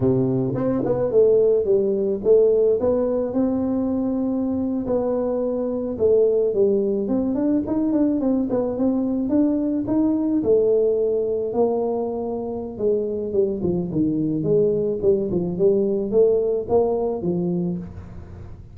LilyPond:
\new Staff \with { instrumentName = "tuba" } { \time 4/4 \tempo 4 = 108 c4 c'8 b8 a4 g4 | a4 b4 c'2~ | c'8. b2 a4 g16~ | g8. c'8 d'8 dis'8 d'8 c'8 b8 c'16~ |
c'8. d'4 dis'4 a4~ a16~ | a8. ais2~ ais16 gis4 | g8 f8 dis4 gis4 g8 f8 | g4 a4 ais4 f4 | }